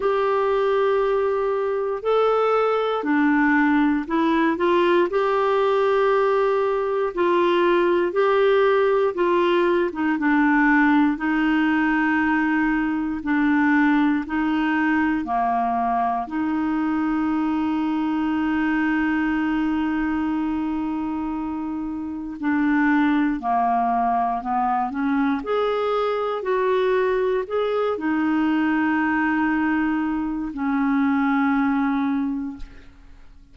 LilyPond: \new Staff \with { instrumentName = "clarinet" } { \time 4/4 \tempo 4 = 59 g'2 a'4 d'4 | e'8 f'8 g'2 f'4 | g'4 f'8. dis'16 d'4 dis'4~ | dis'4 d'4 dis'4 ais4 |
dis'1~ | dis'2 d'4 ais4 | b8 cis'8 gis'4 fis'4 gis'8 dis'8~ | dis'2 cis'2 | }